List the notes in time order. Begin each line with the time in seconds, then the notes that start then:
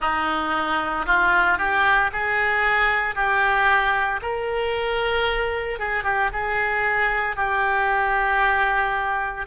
0.00 D#4
1.05 F4
1.58 G4
2.12 G#4
3.15 G4
4.22 A#4
5.79 G#4
6.03 G4
6.32 G#4
7.35 G4